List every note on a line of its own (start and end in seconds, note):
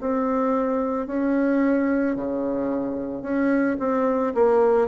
0.00 1.07 C4
1.07 2.15 C#4
2.15 3.22 C#3
3.22 3.76 C#4
3.79 4.33 C4
4.34 4.87 A#3